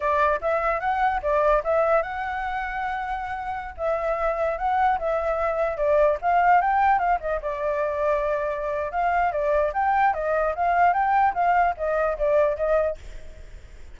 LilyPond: \new Staff \with { instrumentName = "flute" } { \time 4/4 \tempo 4 = 148 d''4 e''4 fis''4 d''4 | e''4 fis''2.~ | fis''4~ fis''16 e''2 fis''8.~ | fis''16 e''2 d''4 f''8.~ |
f''16 g''4 f''8 dis''8 d''4.~ d''16~ | d''2 f''4 d''4 | g''4 dis''4 f''4 g''4 | f''4 dis''4 d''4 dis''4 | }